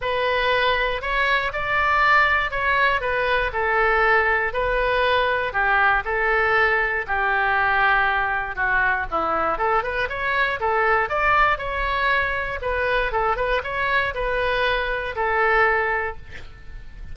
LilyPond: \new Staff \with { instrumentName = "oboe" } { \time 4/4 \tempo 4 = 119 b'2 cis''4 d''4~ | d''4 cis''4 b'4 a'4~ | a'4 b'2 g'4 | a'2 g'2~ |
g'4 fis'4 e'4 a'8 b'8 | cis''4 a'4 d''4 cis''4~ | cis''4 b'4 a'8 b'8 cis''4 | b'2 a'2 | }